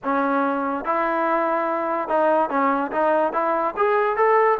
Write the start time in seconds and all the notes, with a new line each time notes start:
0.03 C#4
0.84 E4
2.08 D#4
2.49 C#4
2.91 D#4
3.32 E4
3.77 G#4
4.16 A4